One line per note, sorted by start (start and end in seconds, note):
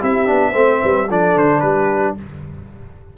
0.00 0.29 C4
0.00 0.27 E4
0.00 0.51 G4
0.00 1.11 E5
0.27 0.55 B3
0.27 0.54 D4
0.51 0.82 A3
0.51 1.08 C4
0.51 0.78 C5
0.82 1.10 G3
0.82 1.08 B4
1.09 1.37 F3
1.09 2.18 D4
1.09 1.63 A4
1.09 1.38 D5
1.37 1.63 D3
1.37 1.61 C5
1.61 2.16 G3
1.61 2.16 G4
1.61 2.14 B4